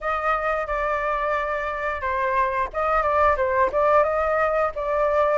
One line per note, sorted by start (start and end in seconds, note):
0.00 0.66 D#5
0.66 2.01 D5
2.01 2.68 C5
2.73 3.02 D#5
3.02 3.36 D5
3.36 3.70 C5
3.72 4.03 D5
4.03 4.71 D#5
4.75 5.38 D5